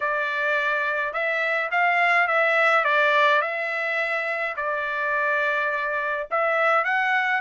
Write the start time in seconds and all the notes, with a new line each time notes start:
0.00 D5
1.13 E5
1.71 F5
2.27 E5
2.84 D5
3.41 E5
4.56 D5
6.30 E5
6.84 F#5